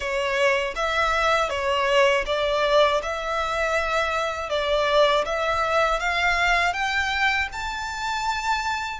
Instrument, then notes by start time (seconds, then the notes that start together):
violin
0.00 C#5
0.75 E5
1.49 C#5
2.26 D5
3.02 E5
4.49 D5
5.25 E5
5.99 F5
6.73 G5
7.52 A5